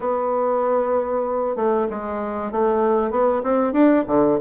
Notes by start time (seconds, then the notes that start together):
0.00 B3
1.56 A3
1.89 G#3
2.51 A3
3.11 B3
3.43 C4
3.72 D4
4.07 D3